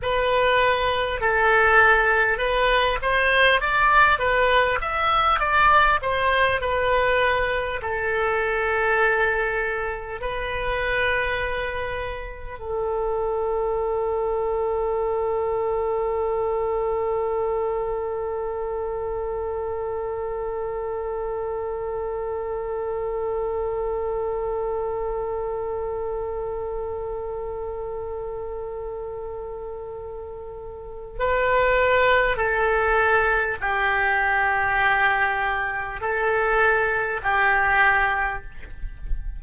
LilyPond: \new Staff \with { instrumentName = "oboe" } { \time 4/4 \tempo 4 = 50 b'4 a'4 b'8 c''8 d''8 b'8 | e''8 d''8 c''8 b'4 a'4.~ | a'8 b'2 a'4.~ | a'1~ |
a'1~ | a'1~ | a'2 b'4 a'4 | g'2 a'4 g'4 | }